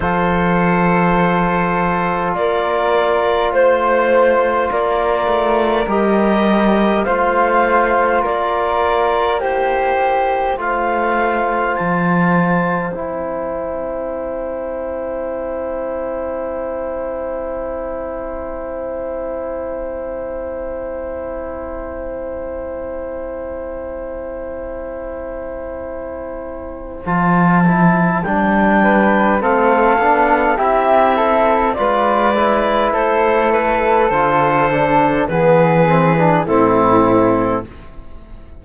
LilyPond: <<
  \new Staff \with { instrumentName = "clarinet" } { \time 4/4 \tempo 4 = 51 c''2 d''4 c''4 | d''4 dis''4 f''4 d''4 | c''4 f''4 a''4 g''4~ | g''1~ |
g''1~ | g''2. a''4 | g''4 f''4 e''4 d''4 | c''8 b'8 c''4 b'4 a'4 | }
  \new Staff \with { instrumentName = "flute" } { \time 4/4 a'2 ais'4 c''4 | ais'2 c''4 ais'4 | g'4 c''2.~ | c''1~ |
c''1~ | c''1~ | c''8 b'8 a'4 g'8 a'8 b'4 | a'2 gis'4 e'4 | }
  \new Staff \with { instrumentName = "trombone" } { \time 4/4 f'1~ | f'4 g'4 f'2 | e'4 f'2 e'4~ | e'1~ |
e'1~ | e'2. f'8 e'8 | d'4 c'8 d'8 e'4 f'8 e'8~ | e'4 f'8 d'8 b8 c'16 d'16 c'4 | }
  \new Staff \with { instrumentName = "cello" } { \time 4/4 f2 ais4 a4 | ais8 a8 g4 a4 ais4~ | ais4 a4 f4 c'4~ | c'1~ |
c'1~ | c'2. f4 | g4 a8 b8 c'4 gis4 | a4 d4 e4 a,4 | }
>>